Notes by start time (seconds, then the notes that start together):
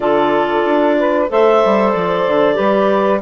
0.00 D3 F4 A4 D5
0.65 D4
0.98 B4
1.28 A3 A4 C5 E5
1.64 G3
1.91 F3 D5
2.27 D3
2.54 G3 G4 B4